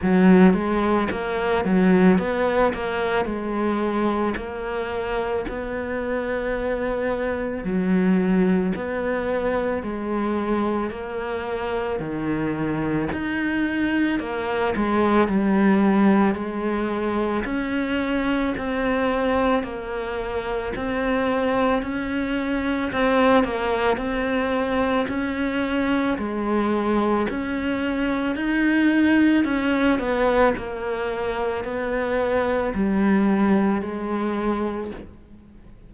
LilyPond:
\new Staff \with { instrumentName = "cello" } { \time 4/4 \tempo 4 = 55 fis8 gis8 ais8 fis8 b8 ais8 gis4 | ais4 b2 fis4 | b4 gis4 ais4 dis4 | dis'4 ais8 gis8 g4 gis4 |
cis'4 c'4 ais4 c'4 | cis'4 c'8 ais8 c'4 cis'4 | gis4 cis'4 dis'4 cis'8 b8 | ais4 b4 g4 gis4 | }